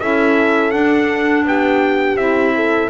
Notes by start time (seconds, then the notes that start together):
0.00 C#4 E4 A4 E5
0.71 D4 F#5
1.44 B3 G4 G5
2.16 C4 E4 E5
2.55 A4